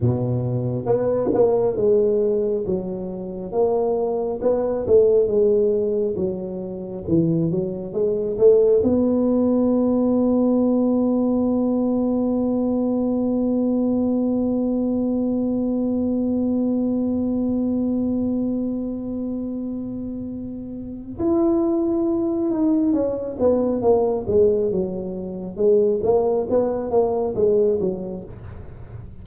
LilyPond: \new Staff \with { instrumentName = "tuba" } { \time 4/4 \tempo 4 = 68 b,4 b8 ais8 gis4 fis4 | ais4 b8 a8 gis4 fis4 | e8 fis8 gis8 a8 b2~ | b1~ |
b1~ | b1 | e'4. dis'8 cis'8 b8 ais8 gis8 | fis4 gis8 ais8 b8 ais8 gis8 fis8 | }